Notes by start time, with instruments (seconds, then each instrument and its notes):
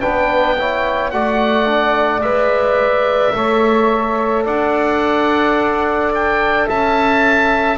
0.00 double bass B3, trombone D4, saxophone B4, oboe G5
0.58 trombone E4, saxophone C#5
1.11 double bass A3, trombone F#4, saxophone D5, oboe F#5
1.66 trombone D4
2.22 double bass G#3, trombone B4, oboe E5
3.34 double bass A3, trombone A4, saxophone C#5
4.45 double bass D4, saxophone D5, oboe F#5
6.15 oboe G5
6.67 double bass C#4, saxophone E5, oboe A5